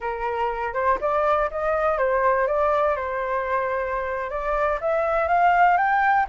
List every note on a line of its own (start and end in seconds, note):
0.00 0.73 A#4
0.73 0.98 C5
1.01 1.50 D5
1.50 1.98 D#5
1.98 2.47 C5
2.47 2.96 D5
2.96 4.30 C5
4.30 4.79 D5
4.80 5.28 E5
5.28 5.77 F5
5.77 6.26 G5